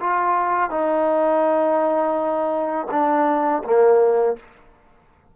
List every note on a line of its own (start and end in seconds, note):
0.00 0.70 F4
0.70 2.87 D#4
2.90 3.63 D4
3.64 4.36 A#3